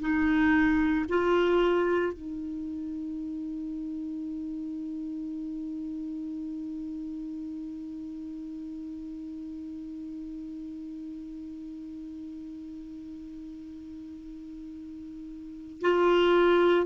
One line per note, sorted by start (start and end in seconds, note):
0.00 1.05 D#4
1.08 2.12 F4
2.12 15.81 D#4
15.81 16.86 F4